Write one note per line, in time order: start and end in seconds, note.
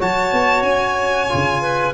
0.00 0.33 F#3
0.00 1.29 F#4
0.00 1.62 C#5
0.00 0.63 A5
0.33 0.63 B3
0.63 1.28 C#4
0.63 1.93 G#5
1.29 1.94 C#3
1.29 1.94 F4
1.62 1.94 B4